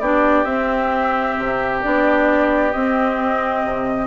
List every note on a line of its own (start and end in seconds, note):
0.00 0.45 B3
0.00 0.45 D4
0.00 4.07 G4
0.00 0.45 D5
0.45 1.36 C4
0.45 1.81 C4
0.45 1.81 E5
1.39 1.84 C3
1.82 2.74 B3
1.82 2.73 D4
1.82 2.72 D5
2.72 4.07 C4
2.72 3.64 C4
2.72 4.07 D#5
3.64 4.07 C3